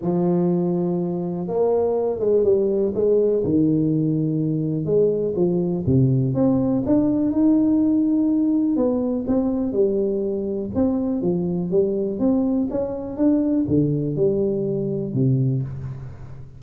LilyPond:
\new Staff \with { instrumentName = "tuba" } { \time 4/4 \tempo 4 = 123 f2. ais4~ | ais8 gis8 g4 gis4 dis4~ | dis2 gis4 f4 | c4 c'4 d'4 dis'4~ |
dis'2 b4 c'4 | g2 c'4 f4 | g4 c'4 cis'4 d'4 | d4 g2 c4 | }